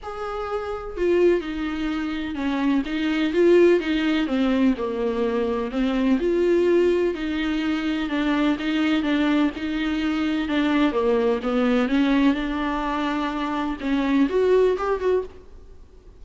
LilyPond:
\new Staff \with { instrumentName = "viola" } { \time 4/4 \tempo 4 = 126 gis'2 f'4 dis'4~ | dis'4 cis'4 dis'4 f'4 | dis'4 c'4 ais2 | c'4 f'2 dis'4~ |
dis'4 d'4 dis'4 d'4 | dis'2 d'4 ais4 | b4 cis'4 d'2~ | d'4 cis'4 fis'4 g'8 fis'8 | }